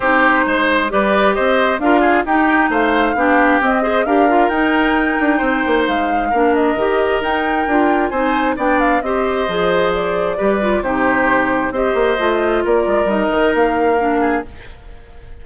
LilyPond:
<<
  \new Staff \with { instrumentName = "flute" } { \time 4/4 \tempo 4 = 133 c''2 d''4 dis''4 | f''4 g''4 f''2 | dis''4 f''4 g''2~ | g''4 f''4. dis''4. |
g''2 gis''4 g''8 f''8 | dis''2 d''2 | c''2 dis''2 | d''4 dis''4 f''2 | }
  \new Staff \with { instrumentName = "oboe" } { \time 4/4 g'4 c''4 b'4 c''4 | ais'8 gis'8 g'4 c''4 g'4~ | g'8 c''8 ais'2. | c''2 ais'2~ |
ais'2 c''4 d''4 | c''2. b'4 | g'2 c''2 | ais'2.~ ais'8 gis'8 | }
  \new Staff \with { instrumentName = "clarinet" } { \time 4/4 dis'2 g'2 | f'4 dis'2 d'4 | c'8 gis'8 g'8 f'8 dis'2~ | dis'2 d'4 g'4 |
dis'4 f'4 dis'4 d'4 | g'4 gis'2 g'8 f'8 | dis'2 g'4 f'4~ | f'4 dis'2 d'4 | }
  \new Staff \with { instrumentName = "bassoon" } { \time 4/4 c'4 gis4 g4 c'4 | d'4 dis'4 a4 b4 | c'4 d'4 dis'4. d'8 | c'8 ais8 gis4 ais4 dis4 |
dis'4 d'4 c'4 b4 | c'4 f2 g4 | c2 c'8 ais8 a4 | ais8 gis8 g8 dis8 ais2 | }
>>